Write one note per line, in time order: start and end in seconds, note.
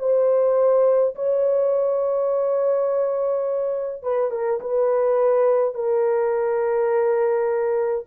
0.00 1.15 C5
1.16 4.03 C#5
4.03 4.32 B4
4.32 4.60 A#4
4.61 5.75 B4
5.75 8.06 A#4